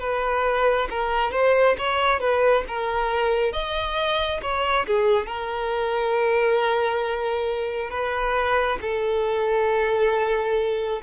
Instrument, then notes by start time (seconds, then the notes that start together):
violin
0.00 B4
0.90 A#4
1.32 C5
1.78 C#5
2.20 B4
2.68 A#4
3.53 D#5
4.42 C#5
4.87 G#4
5.27 A#4
7.91 B4
8.82 A4